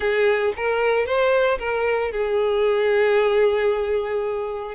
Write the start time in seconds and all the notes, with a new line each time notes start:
0.00 G#4
0.56 A#4
1.06 C5
1.59 A#4
2.11 G#4